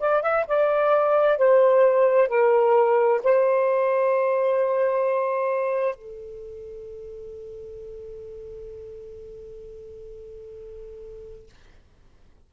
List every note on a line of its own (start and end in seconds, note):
0.00 0.23 D5
0.23 0.46 E5
0.47 1.38 D5
1.38 2.29 C5
2.29 3.21 A#4
3.24 5.95 C5
5.95 11.49 A4